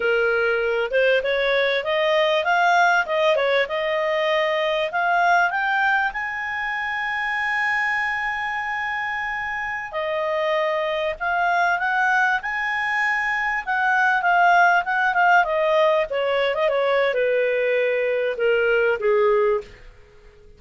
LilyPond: \new Staff \with { instrumentName = "clarinet" } { \time 4/4 \tempo 4 = 98 ais'4. c''8 cis''4 dis''4 | f''4 dis''8 cis''8 dis''2 | f''4 g''4 gis''2~ | gis''1~ |
gis''16 dis''2 f''4 fis''8.~ | fis''16 gis''2 fis''4 f''8.~ | f''16 fis''8 f''8 dis''4 cis''8. dis''16 cis''8. | b'2 ais'4 gis'4 | }